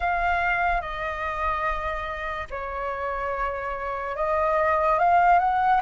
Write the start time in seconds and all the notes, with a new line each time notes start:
0.00 F5
0.81 D#5
2.50 C#5
4.16 D#5
4.98 F5
5.39 F#5